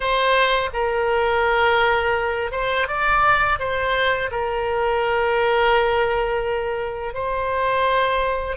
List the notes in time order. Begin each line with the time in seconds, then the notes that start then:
0.00 C5
0.73 A#4
2.51 C5
2.87 D5
3.59 C5
4.31 A#4
7.14 C5